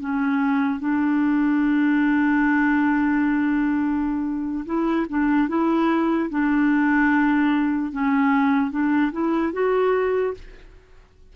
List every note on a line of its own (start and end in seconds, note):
0.00 0.80 C#4
0.80 4.65 D4
4.66 5.06 E4
5.09 5.49 D4
5.49 6.30 E4
6.30 7.92 D4
7.92 8.71 C#4
8.71 9.12 D4
9.13 9.53 E4
9.53 10.34 F#4